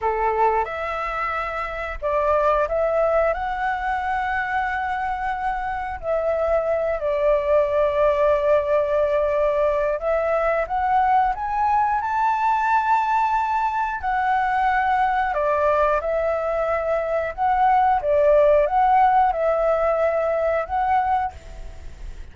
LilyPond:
\new Staff \with { instrumentName = "flute" } { \time 4/4 \tempo 4 = 90 a'4 e''2 d''4 | e''4 fis''2.~ | fis''4 e''4. d''4.~ | d''2. e''4 |
fis''4 gis''4 a''2~ | a''4 fis''2 d''4 | e''2 fis''4 d''4 | fis''4 e''2 fis''4 | }